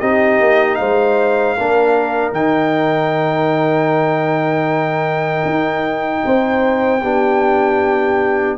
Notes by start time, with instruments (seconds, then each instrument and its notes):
0.00 tuba C4, trombone D#4, horn G4, trumpet D#5
0.40 tuba A#3
0.74 tuba G#3, horn C5, trumpet F5
1.56 tuba A#3, trombone D4, horn A#4
2.32 tuba D#3, trombone D#4, trumpet G5
5.45 tuba D#4
6.25 tuba C4, horn C5
7.02 tuba B3, trombone D4, horn G4